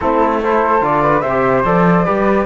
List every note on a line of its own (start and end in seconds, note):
0.00 0.81 A3
0.00 0.43 C4
0.00 0.42 E4
0.00 0.40 A4
0.43 0.80 E4
0.43 1.02 A4
0.43 0.84 C5
0.80 1.22 D3
0.80 1.22 F4
0.80 1.21 D5
1.02 1.22 B4
1.21 1.64 C3
1.21 2.05 C5
1.21 1.62 E5
1.29 1.65 G4
1.64 2.06 F3
1.64 2.05 A4
1.64 2.45 D5
2.05 2.45 G3
2.05 2.45 G4
2.05 2.45 B4